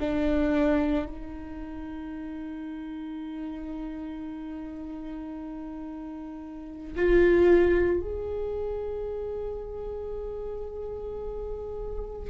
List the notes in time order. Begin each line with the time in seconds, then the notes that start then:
0.00 D4
1.06 D#4
6.95 F4
8.01 G#4